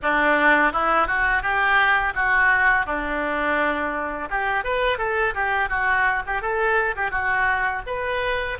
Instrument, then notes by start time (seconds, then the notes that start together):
oboe
0.02 D4
0.72 E4
1.07 F#4
1.42 G4
2.14 F#4
2.86 D4
4.30 G4
4.64 B4
4.98 A4
5.34 G4
5.69 F#4
6.26 G4
6.41 A4
6.95 G4
7.10 F#4
7.86 B4